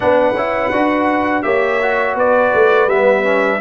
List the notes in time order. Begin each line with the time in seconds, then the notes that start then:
0.00 B3 D4 B4 F#5
0.33 C#4 E4
0.71 D4 F#4
1.42 A#3 G4 C#5 E5
1.81 F#4
2.15 B3 B4 D5
2.53 A3
2.86 G3 B3 E5
3.24 C#4